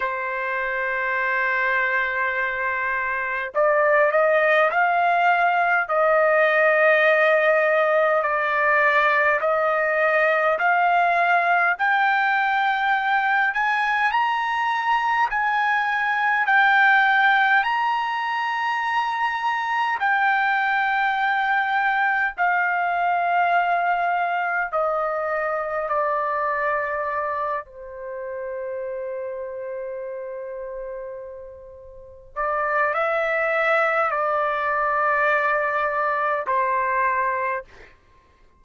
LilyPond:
\new Staff \with { instrumentName = "trumpet" } { \time 4/4 \tempo 4 = 51 c''2. d''8 dis''8 | f''4 dis''2 d''4 | dis''4 f''4 g''4. gis''8 | ais''4 gis''4 g''4 ais''4~ |
ais''4 g''2 f''4~ | f''4 dis''4 d''4. c''8~ | c''2.~ c''8 d''8 | e''4 d''2 c''4 | }